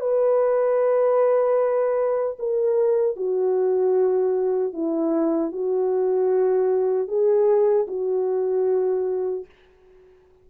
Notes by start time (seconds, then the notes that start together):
0.00 B4
2.39 A#4
3.16 F#4
4.73 E4
5.52 F#4
7.07 G#4
7.87 F#4